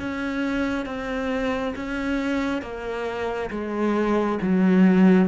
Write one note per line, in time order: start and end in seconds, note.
0.00 0.86 C#4
0.86 1.74 C4
1.76 2.62 C#4
2.62 3.50 A#3
3.51 4.39 G#3
4.42 5.29 F#3